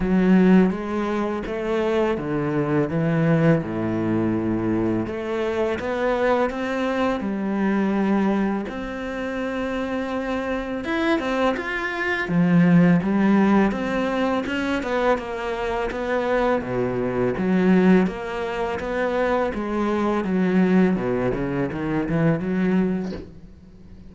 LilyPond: \new Staff \with { instrumentName = "cello" } { \time 4/4 \tempo 4 = 83 fis4 gis4 a4 d4 | e4 a,2 a4 | b4 c'4 g2 | c'2. e'8 c'8 |
f'4 f4 g4 c'4 | cis'8 b8 ais4 b4 b,4 | fis4 ais4 b4 gis4 | fis4 b,8 cis8 dis8 e8 fis4 | }